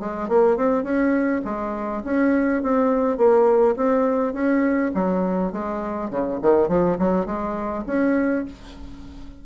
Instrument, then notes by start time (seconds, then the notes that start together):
bassoon
0.00 G#3
0.29 A#3
0.57 C4
0.83 C#4
1.45 G#3
2.04 C#4
2.63 C4
3.17 A#3
3.76 C4
4.33 C#4
4.94 F#3
5.52 G#3
6.10 C#3
6.42 D#3
6.68 F3
6.98 F#3
7.26 G#3
7.87 C#4